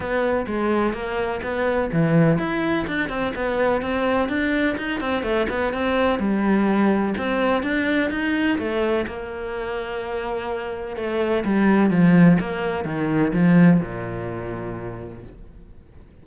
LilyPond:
\new Staff \with { instrumentName = "cello" } { \time 4/4 \tempo 4 = 126 b4 gis4 ais4 b4 | e4 e'4 d'8 c'8 b4 | c'4 d'4 dis'8 c'8 a8 b8 | c'4 g2 c'4 |
d'4 dis'4 a4 ais4~ | ais2. a4 | g4 f4 ais4 dis4 | f4 ais,2. | }